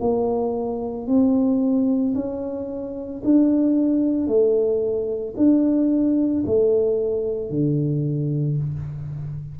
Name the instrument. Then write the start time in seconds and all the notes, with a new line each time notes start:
tuba
0.00 A#3
1.07 C4
2.15 C#4
3.24 D4
4.27 A3
5.37 D4
6.46 A3
7.50 D3